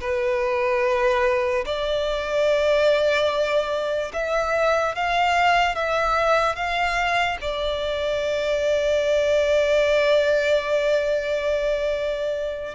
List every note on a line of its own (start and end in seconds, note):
0.00 1.64 B4
1.65 4.12 D5
4.13 4.95 E5
4.95 5.75 F5
5.75 6.55 E5
6.55 7.37 F5
7.41 12.74 D5